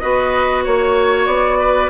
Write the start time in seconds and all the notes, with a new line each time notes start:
0.00 B3 F#4 B4 D#5
0.64 A#3 C#5
1.27 B3 D5
1.59 B4